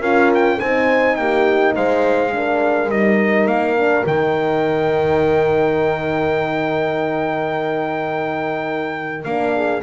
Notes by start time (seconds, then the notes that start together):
0.00 C#4 F4 A#4 F5
0.35 G5
0.60 C4 D#4 C5 G#5
1.16 A#3 G4 G5
1.75 G#3 C5 F5
2.32 D4 A#4
2.89 G3 D#4 D#5
3.47 A#3 F5
3.77 D4
4.06 D#3 D#4 G5
9.24 A#3 D4 F5
9.55 G#4